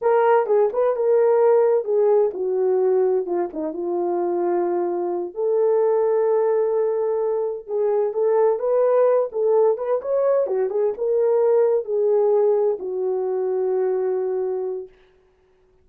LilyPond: \new Staff \with { instrumentName = "horn" } { \time 4/4 \tempo 4 = 129 ais'4 gis'8 b'8 ais'2 | gis'4 fis'2 f'8 dis'8 | f'2.~ f'8 a'8~ | a'1~ |
a'8 gis'4 a'4 b'4. | a'4 b'8 cis''4 fis'8 gis'8 ais'8~ | ais'4. gis'2 fis'8~ | fis'1 | }